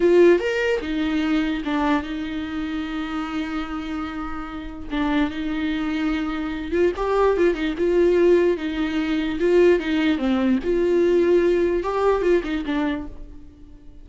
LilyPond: \new Staff \with { instrumentName = "viola" } { \time 4/4 \tempo 4 = 147 f'4 ais'4 dis'2 | d'4 dis'2.~ | dis'1 | d'4 dis'2.~ |
dis'8 f'8 g'4 f'8 dis'8 f'4~ | f'4 dis'2 f'4 | dis'4 c'4 f'2~ | f'4 g'4 f'8 dis'8 d'4 | }